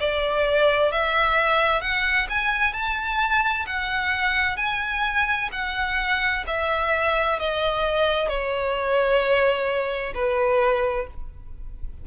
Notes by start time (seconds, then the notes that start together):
0.00 D5
0.92 E5
1.81 F#5
2.30 G#5
2.74 A5
3.67 F#5
4.57 G#5
5.52 F#5
6.47 E5
7.39 D#5
8.29 C#5
10.15 B4